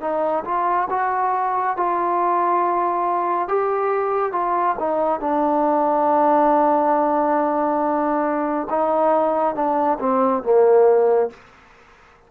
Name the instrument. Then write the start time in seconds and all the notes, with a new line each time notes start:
trombone
0.00 D#4
0.44 F4
0.89 F#4
1.76 F4
3.48 G4
4.32 F4
4.79 D#4
5.20 D4
8.70 D#4
9.55 D4
9.99 C4
10.43 A#3